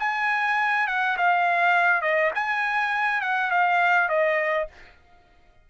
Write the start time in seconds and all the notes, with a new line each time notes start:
0.00 G#5
0.88 F#5
1.18 F5
2.02 D#5
2.35 G#5
3.22 F#5
3.52 F5
4.09 D#5